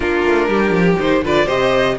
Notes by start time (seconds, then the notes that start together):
0.00 A#3 D4 F4 A#4
0.25 A3
0.48 G3 G4
0.71 F3
0.99 D#3 D#4 C5
1.22 D3 F4 B4 D5
1.45 C3 G4 C5 D#5